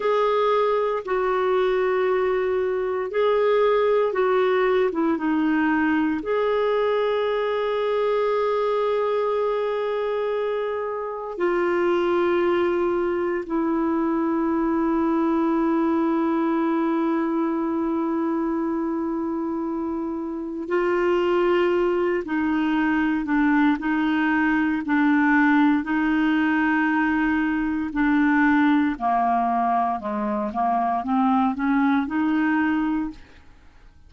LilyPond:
\new Staff \with { instrumentName = "clarinet" } { \time 4/4 \tempo 4 = 58 gis'4 fis'2 gis'4 | fis'8. e'16 dis'4 gis'2~ | gis'2. f'4~ | f'4 e'2.~ |
e'1 | f'4. dis'4 d'8 dis'4 | d'4 dis'2 d'4 | ais4 gis8 ais8 c'8 cis'8 dis'4 | }